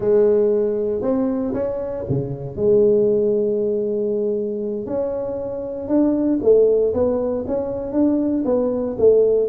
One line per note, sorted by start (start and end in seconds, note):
0.00 1.01 G#3
1.01 1.53 C4
1.53 2.05 C#4
2.09 2.56 C#3
2.56 4.86 G#3
4.86 5.88 C#4
5.88 6.39 D4
6.42 6.93 A3
6.93 7.45 B3
7.47 7.92 C#4
7.92 8.44 D4
8.45 8.96 B3
8.98 9.48 A3